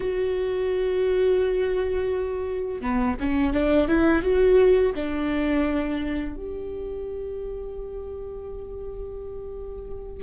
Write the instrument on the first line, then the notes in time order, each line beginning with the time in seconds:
viola
0.00 F#4
2.81 B3
3.20 C#4
3.53 D4
3.88 E4
4.22 F#4
4.95 D4
6.36 G4